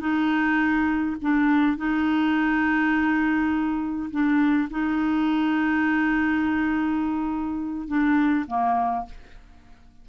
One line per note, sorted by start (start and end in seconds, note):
0.00 1.17 D#4
1.22 1.77 D4
1.77 4.10 D#4
4.11 4.69 D4
4.71 7.88 D#4
7.88 8.46 D4
8.47 9.06 A#3